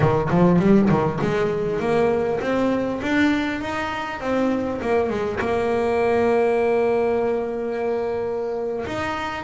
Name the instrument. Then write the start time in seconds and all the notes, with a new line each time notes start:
double bass
0.00 D#3
0.30 F3
0.59 G3
0.89 D#3
1.21 G#3
1.80 A#3
2.40 C4
3.02 D4
3.61 D#4
4.20 C4
4.81 A#3
5.09 G#3
5.40 A#3
8.86 D#4